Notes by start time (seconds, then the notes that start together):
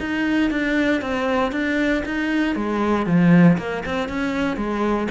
0.00 D#4
0.51 D4
1.02 C4
1.52 D4
2.06 D#4
2.55 G#3
3.07 F3
3.58 A#3
3.86 C4
4.09 C#4
4.57 G#3